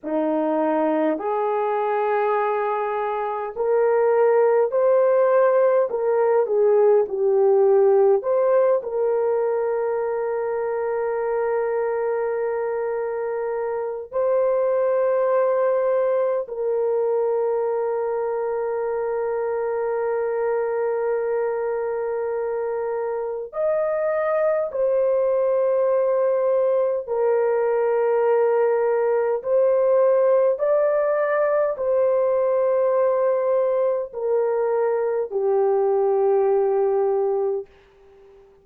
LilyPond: \new Staff \with { instrumentName = "horn" } { \time 4/4 \tempo 4 = 51 dis'4 gis'2 ais'4 | c''4 ais'8 gis'8 g'4 c''8 ais'8~ | ais'1 | c''2 ais'2~ |
ais'1 | dis''4 c''2 ais'4~ | ais'4 c''4 d''4 c''4~ | c''4 ais'4 g'2 | }